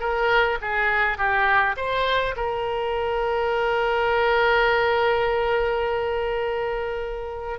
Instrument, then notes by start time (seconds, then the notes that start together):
oboe
0.00 A#4
0.61 G#4
1.18 G4
1.77 C5
2.36 A#4